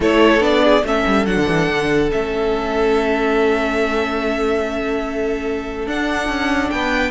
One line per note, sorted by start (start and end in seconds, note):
0.00 0.40 A3
0.00 0.40 E4
0.00 0.63 A4
0.00 0.42 C#5
0.40 0.82 B3
0.40 0.81 D4
0.40 0.84 D5
0.63 0.84 G#4
0.83 1.04 A3
0.83 1.26 C#4
0.83 6.73 A4
0.83 1.26 E5
1.06 1.26 G3
1.26 1.36 F#3
1.26 2.09 D4
1.26 2.10 F#5
1.36 1.47 D3
1.48 1.69 E3
1.69 2.11 D3
2.09 5.86 A3
2.09 5.87 C#4
2.09 5.88 E5
5.86 6.28 D4
5.86 7.11 D4
5.86 6.69 F#5
6.28 6.70 C#4
6.69 7.11 B3
6.69 7.11 B4
6.69 7.11 G5